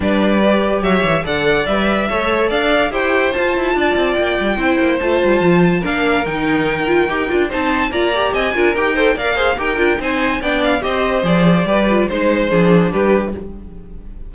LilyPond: <<
  \new Staff \with { instrumentName = "violin" } { \time 4/4 \tempo 4 = 144 d''2 e''4 fis''4 | e''2 f''4 g''4 | a''2 g''2 | a''2 f''4 g''4~ |
g''2 a''4 ais''4 | gis''4 g''4 f''4 g''4 | gis''4 g''8 f''8 dis''4 d''4~ | d''4 c''2 b'4 | }
  \new Staff \with { instrumentName = "violin" } { \time 4/4 b'2 cis''4 d''4~ | d''4 cis''4 d''4 c''4~ | c''4 d''2 c''4~ | c''2 ais'2~ |
ais'2 c''4 d''4 | dis''8 ais'4 c''8 d''8 c''8 ais'4 | c''4 d''4 c''2 | b'4 c''4 gis'4 g'4 | }
  \new Staff \with { instrumentName = "viola" } { \time 4/4 d'4 g'2 a'4 | b'4 a'2 g'4 | f'2. e'4 | f'2 d'4 dis'4~ |
dis'8 f'8 g'8 f'8 dis'4 f'8 g'8~ | g'8 f'8 g'8 a'8 ais'8 gis'8 g'8 f'8 | dis'4 d'4 g'4 gis'4 | g'8 f'8 dis'4 d'2 | }
  \new Staff \with { instrumentName = "cello" } { \time 4/4 g2 fis8 e8 d4 | g4 a4 d'4 e'4 | f'8 e'8 d'8 c'8 ais8 g8 c'8 ais8 | a8 g8 f4 ais4 dis4~ |
dis4 dis'8 d'8 c'4 ais4 | c'8 d'8 dis'4 ais4 dis'8 d'8 | c'4 b4 c'4 f4 | g4 gis4 f4 g4 | }
>>